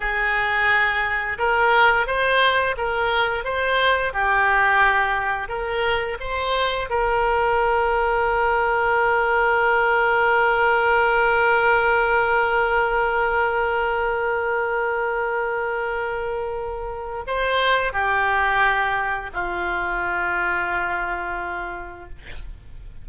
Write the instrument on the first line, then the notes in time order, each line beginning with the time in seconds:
oboe
0.00 G#4
1.38 A#4
2.06 C5
2.77 A#4
3.44 C5
4.13 G4
5.48 A#4
6.20 C5
6.89 A#4
17.27 C5
17.92 G4
19.33 F4